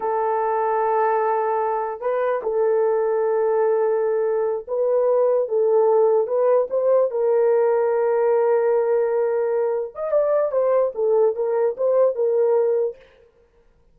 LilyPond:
\new Staff \with { instrumentName = "horn" } { \time 4/4 \tempo 4 = 148 a'1~ | a'4 b'4 a'2~ | a'2.~ a'8 b'8~ | b'4. a'2 b'8~ |
b'8 c''4 ais'2~ ais'8~ | ais'1~ | ais'8 dis''8 d''4 c''4 a'4 | ais'4 c''4 ais'2 | }